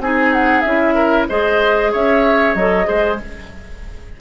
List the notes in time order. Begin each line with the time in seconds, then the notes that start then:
0.00 C4 D#4 G#4 G#5
0.34 F#5
0.62 C#4 E4 E5
0.95 A#4
1.29 G#3 G#4 C5 D#5
1.92 C#4 C#5 E5
2.55 F#3 A4 D#5
2.85 G#3 G#4 C5